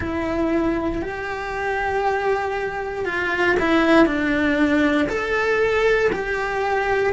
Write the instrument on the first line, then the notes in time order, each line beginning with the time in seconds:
cello
0.00 E4
1.02 G4
3.05 F4
3.59 E4
4.05 D4
5.08 A4
6.12 G4